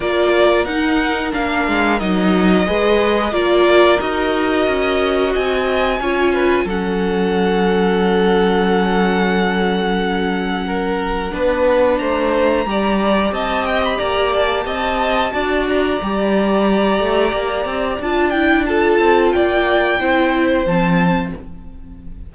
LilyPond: <<
  \new Staff \with { instrumentName = "violin" } { \time 4/4 \tempo 4 = 90 d''4 fis''4 f''4 dis''4~ | dis''4 d''4 dis''2 | gis''2 fis''2~ | fis''1~ |
fis''2 ais''2 | a''8 g''16 b''16 ais''8 a''2 ais''8~ | ais''2. a''8 g''8 | a''4 g''2 a''4 | }
  \new Staff \with { instrumentName = "violin" } { \time 4/4 ais'1 | b'4 ais'2. | dis''4 cis''8 b'8 a'2~ | a'1 |
ais'4 b'4 c''4 d''4 | dis''4 d''4 dis''4 d''4~ | d''1 | a'4 d''4 c''2 | }
  \new Staff \with { instrumentName = "viola" } { \time 4/4 f'4 dis'4 d'4 dis'4 | gis'4 f'4 fis'2~ | fis'4 f'4 cis'2~ | cis'1~ |
cis'4 d'2 g'4~ | g'2. fis'4 | g'2. f'8 e'8 | f'2 e'4 c'4 | }
  \new Staff \with { instrumentName = "cello" } { \time 4/4 ais4 dis'4 ais8 gis8 fis4 | gis4 ais4 dis'4 cis'4 | c'4 cis'4 fis2~ | fis1~ |
fis4 b4 a4 g4 | c'4 ais4 c'4 d'4 | g4. a8 ais8 c'8 d'4~ | d'8 c'8 ais4 c'4 f4 | }
>>